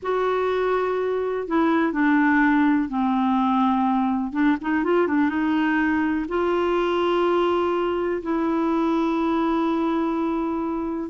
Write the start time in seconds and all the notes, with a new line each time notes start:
0.02 F#4
1.47 E4
1.92 D4
2.88 C4
4.32 D4
4.61 D#4
4.84 F4
5.07 D4
5.29 D#4
6.28 F4
8.22 E4